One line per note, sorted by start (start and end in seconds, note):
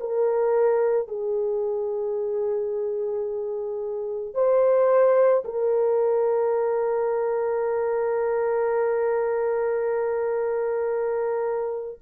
0.00 1.08 A#4
1.08 4.34 G#4
4.34 5.43 C5
5.44 11.99 A#4